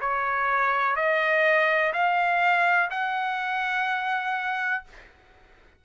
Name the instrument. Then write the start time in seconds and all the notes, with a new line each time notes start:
trumpet
0.00 C#5
0.96 D#5
1.93 F5
2.90 F#5